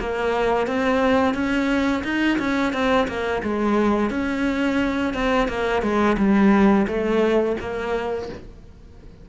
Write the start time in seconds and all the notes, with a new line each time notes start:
0.00 A#3
0.67 C4
1.34 C#4
2.04 D#4
2.39 C#4
2.73 C4
3.08 A#3
3.43 G#3
4.11 C#4
5.14 C4
5.48 A#3
5.82 G#3
6.18 G3
6.87 A3
7.60 A#3